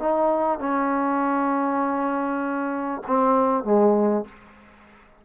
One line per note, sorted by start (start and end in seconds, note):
0.00 0.60 D#4
0.60 3.02 C#4
3.07 3.64 C4
3.64 4.25 G#3